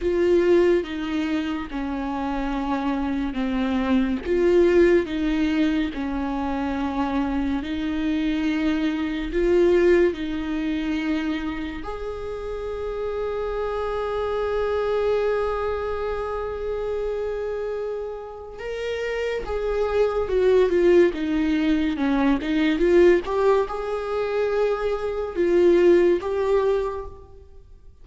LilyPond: \new Staff \with { instrumentName = "viola" } { \time 4/4 \tempo 4 = 71 f'4 dis'4 cis'2 | c'4 f'4 dis'4 cis'4~ | cis'4 dis'2 f'4 | dis'2 gis'2~ |
gis'1~ | gis'2 ais'4 gis'4 | fis'8 f'8 dis'4 cis'8 dis'8 f'8 g'8 | gis'2 f'4 g'4 | }